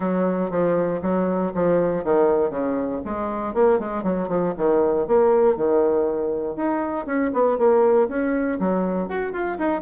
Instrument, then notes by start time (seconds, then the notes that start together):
bassoon
0.00 F#3
0.50 F3
1.02 F#3
1.54 F3
2.04 D#3
2.50 C#3
3.04 G#3
3.54 A#3
3.79 G#3
4.03 F#3
4.28 F3
4.57 D#3
5.07 A#3
5.56 D#3
6.56 D#4
7.06 C#4
7.33 B3
7.57 A#3
8.08 C#4
8.59 F#3
9.08 F#4
9.33 F4
9.58 D#4